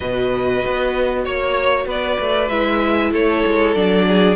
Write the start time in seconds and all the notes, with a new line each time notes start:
0.00 B2 F#4 B4 D#5
0.65 B3
1.24 A#3 C#5
1.86 B3 B4 D5
2.20 A3
2.49 G#3 E4 E5
3.11 A3 A4 C#5
3.45 G#3
3.74 F#3 D4 D5
4.08 G#4